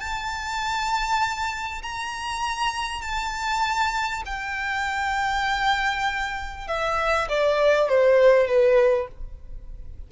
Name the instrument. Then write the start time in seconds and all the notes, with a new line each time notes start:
violin
0.00 A5
1.82 A#5
3.01 A5
4.26 G5
6.67 E5
7.29 D5
7.88 C5
8.47 B4